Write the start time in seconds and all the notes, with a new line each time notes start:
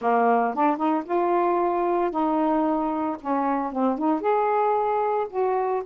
0.01 A#3
0.54 D4
0.77 D#4
1.05 F4
2.10 D#4
3.20 C#4
3.72 C4
3.98 D#4
4.21 G#4
5.29 F#4